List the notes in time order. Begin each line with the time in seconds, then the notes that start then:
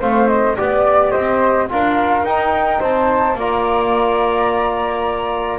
0.00 A3 C4 C5 F5
0.28 D#5
0.56 B3 G4 D5
1.11 C4 C5 D#5
1.69 D4 F4 A#4 F5
2.23 D#4 G5
2.80 C4 C5 A5
3.35 A#3 F4 D5 A#5